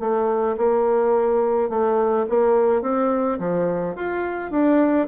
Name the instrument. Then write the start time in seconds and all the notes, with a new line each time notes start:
bassoon
0.00 A3
0.58 A#3
1.70 A3
2.29 A#3
2.82 C4
3.39 F3
3.95 F4
4.51 D4